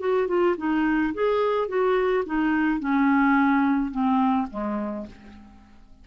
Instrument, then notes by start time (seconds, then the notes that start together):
clarinet
0.00 F#4
0.28 F4
0.58 D#4
1.14 G#4
1.68 F#4
2.26 D#4
2.80 C#4
3.91 C4
4.50 G#3